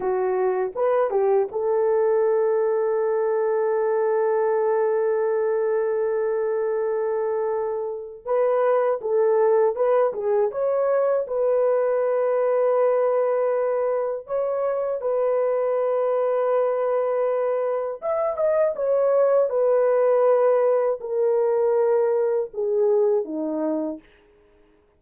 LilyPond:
\new Staff \with { instrumentName = "horn" } { \time 4/4 \tempo 4 = 80 fis'4 b'8 g'8 a'2~ | a'1~ | a'2. b'4 | a'4 b'8 gis'8 cis''4 b'4~ |
b'2. cis''4 | b'1 | e''8 dis''8 cis''4 b'2 | ais'2 gis'4 dis'4 | }